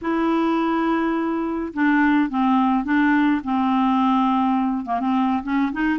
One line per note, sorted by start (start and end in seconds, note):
0.01 1.73 E4
1.73 2.29 D4
2.29 2.84 C4
2.84 3.41 D4
3.43 4.85 C4
4.85 4.99 A#3
4.99 5.42 C4
5.43 5.71 C#4
5.72 5.99 D#4